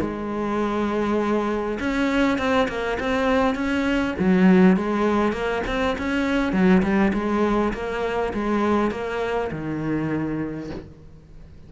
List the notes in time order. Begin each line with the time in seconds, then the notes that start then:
0.00 G#3
1.80 C#4
2.38 C4
2.68 A#3
2.99 C4
3.55 C#4
4.19 F#3
4.76 G#3
5.32 A#3
5.67 C4
5.98 C#4
6.52 F#3
6.82 G3
7.13 G#3
7.73 A#3
8.33 G#3
8.91 A#3
9.51 D#3